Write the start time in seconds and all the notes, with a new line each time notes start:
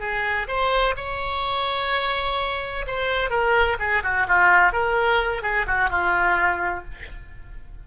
0.00 G#4
0.48 C5
0.97 C#5
2.87 C5
3.30 A#4
3.79 G#4
4.03 F#4
4.28 F4
4.73 A#4
5.42 G#4
5.67 F#4
5.90 F4